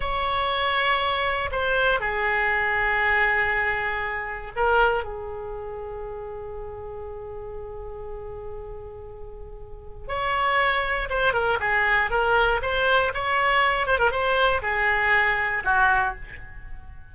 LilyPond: \new Staff \with { instrumentName = "oboe" } { \time 4/4 \tempo 4 = 119 cis''2. c''4 | gis'1~ | gis'4 ais'4 gis'2~ | gis'1~ |
gis'1 | cis''2 c''8 ais'8 gis'4 | ais'4 c''4 cis''4. c''16 ais'16 | c''4 gis'2 fis'4 | }